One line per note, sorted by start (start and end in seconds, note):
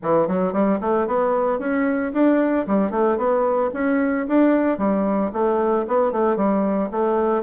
0.02 0.27 E3
0.27 0.52 F#3
0.52 0.79 G3
0.80 1.07 A3
1.07 1.59 B3
1.59 2.12 C#4
2.13 2.66 D4
2.66 2.91 G3
2.91 3.17 A3
3.17 3.70 B3
3.73 4.26 C#4
4.28 4.78 D4
4.78 5.31 G3
5.32 5.86 A3
5.87 6.12 B3
6.12 6.36 A3
6.36 6.89 G3
6.91 7.43 A3